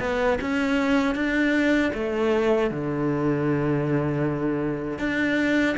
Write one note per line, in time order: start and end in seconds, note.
0.00 0.38 B3
0.41 1.15 C#4
1.15 1.92 D4
1.94 2.71 A3
2.71 4.99 D3
4.99 5.76 D4